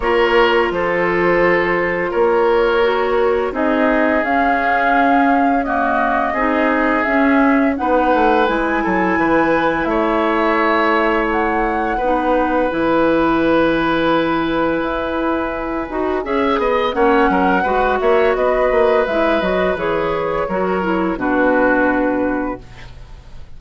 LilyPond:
<<
  \new Staff \with { instrumentName = "flute" } { \time 4/4 \tempo 4 = 85 cis''4 c''2 cis''4~ | cis''4 dis''4 f''2 | dis''2 e''4 fis''4 | gis''2 e''2 |
fis''2 gis''2~ | gis''1 | fis''4. e''8 dis''4 e''8 dis''8 | cis''2 b'2 | }
  \new Staff \with { instrumentName = "oboe" } { \time 4/4 ais'4 a'2 ais'4~ | ais'4 gis'2. | fis'4 gis'2 b'4~ | b'8 a'8 b'4 cis''2~ |
cis''4 b'2.~ | b'2. e''8 dis''8 | cis''8 ais'8 b'8 cis''8 b'2~ | b'4 ais'4 fis'2 | }
  \new Staff \with { instrumentName = "clarinet" } { \time 4/4 f'1 | fis'4 dis'4 cis'2 | ais4 dis'4 cis'4 dis'4 | e'1~ |
e'4 dis'4 e'2~ | e'2~ e'8 fis'8 gis'4 | cis'4 fis'2 e'8 fis'8 | gis'4 fis'8 e'8 d'2 | }
  \new Staff \with { instrumentName = "bassoon" } { \time 4/4 ais4 f2 ais4~ | ais4 c'4 cis'2~ | cis'4 c'4 cis'4 b8 a8 | gis8 fis8 e4 a2~ |
a4 b4 e2~ | e4 e'4. dis'8 cis'8 b8 | ais8 fis8 gis8 ais8 b8 ais8 gis8 fis8 | e4 fis4 b,2 | }
>>